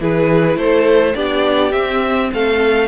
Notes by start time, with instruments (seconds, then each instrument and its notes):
0.00 cello E3, viola E4, violin G#4 B4
0.56 cello A3, violin A4 C5
1.14 cello B3, viola D4, violin G4 D5
1.71 viola C4, cello C4, violin E5
2.33 cello A3, violin A4 F5